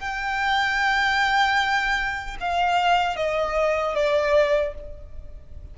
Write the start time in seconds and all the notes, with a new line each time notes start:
0.00 G5
2.40 F5
3.17 D#5
3.95 D5